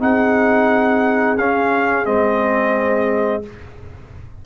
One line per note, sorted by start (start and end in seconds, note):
0.00 1.39 C4
0.00 1.38 D#4
0.00 3.46 G#4
0.00 1.38 F#5
1.38 2.06 C#4
1.38 2.05 C#4
1.38 2.06 F5
2.05 3.44 G#3
2.05 3.43 C4
2.05 3.44 D#5